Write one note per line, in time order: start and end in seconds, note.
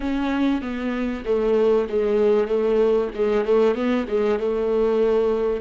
0.00 0.61 C#4
0.61 1.24 B3
1.25 1.88 A3
1.89 2.47 G#3
2.47 3.10 A3
3.14 3.44 G#3
3.44 3.74 A3
3.74 4.06 B3
4.08 4.39 G#3
4.39 5.61 A3